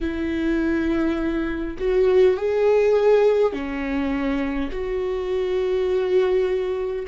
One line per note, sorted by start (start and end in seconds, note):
0.00 1.76 E4
1.78 2.36 F#4
2.36 3.52 G#4
3.52 4.70 C#4
4.71 7.06 F#4